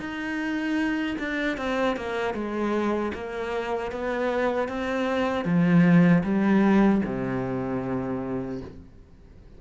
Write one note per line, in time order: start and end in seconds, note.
0.00 1.17 D#4
1.19 1.58 D4
1.58 1.97 C4
1.97 2.34 A#3
2.34 3.12 G#3
3.14 3.92 A#3
3.92 4.69 B3
4.69 5.45 C4
5.45 6.23 F3
6.24 7.02 G3
7.06 8.61 C3